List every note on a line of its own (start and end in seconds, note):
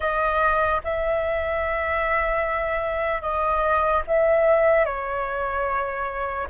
0.00 0.81 D#5
0.84 3.21 E5
3.21 4.02 D#5
4.07 4.85 E5
4.85 6.47 C#5